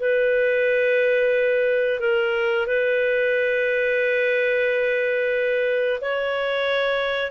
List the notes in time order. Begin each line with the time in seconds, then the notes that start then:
0.00 B4
2.00 A#4
2.67 B4
6.02 C#5